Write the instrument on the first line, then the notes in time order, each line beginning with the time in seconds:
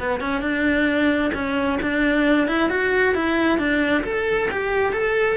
cello
0.00 B3
0.21 C#4
0.42 D4
1.34 C#4
1.82 D4
2.48 E4
2.70 F#4
3.15 E4
3.59 D4
4.04 A4
4.51 G4
4.93 A4